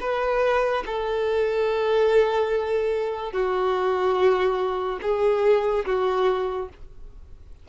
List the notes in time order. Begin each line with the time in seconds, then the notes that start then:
0.00 B4
0.86 A4
3.32 F#4
5.02 G#4
5.85 F#4